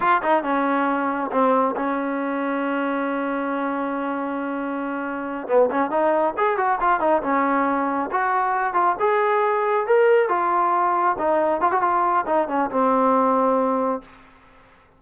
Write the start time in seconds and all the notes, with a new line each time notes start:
0.00 F4
0.22 D#4
0.43 C#4
1.31 C4
1.76 C#4
5.47 B3
5.71 C#4
5.90 D#4
6.37 G#4
6.57 F#4
6.80 F4
7.00 D#4
7.22 C#4
8.11 F#4
8.73 F4
8.99 G#4
9.86 A#4
10.29 F4
11.18 D#4
11.60 F4
11.71 F#4
11.81 F4
12.26 D#4
12.48 C#4
12.70 C4